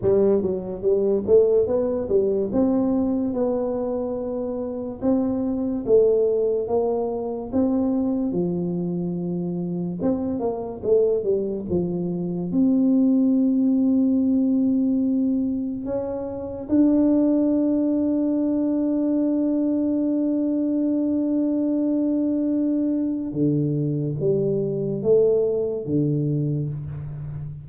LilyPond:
\new Staff \with { instrumentName = "tuba" } { \time 4/4 \tempo 4 = 72 g8 fis8 g8 a8 b8 g8 c'4 | b2 c'4 a4 | ais4 c'4 f2 | c'8 ais8 a8 g8 f4 c'4~ |
c'2. cis'4 | d'1~ | d'1 | d4 g4 a4 d4 | }